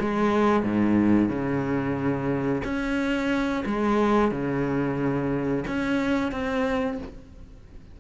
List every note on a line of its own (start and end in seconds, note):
0.00 0.63 G#3
0.63 1.29 G#2
1.29 2.62 C#3
2.64 3.64 C#4
3.66 4.31 G#3
4.31 5.65 C#3
5.67 6.32 C#4
6.32 6.98 C4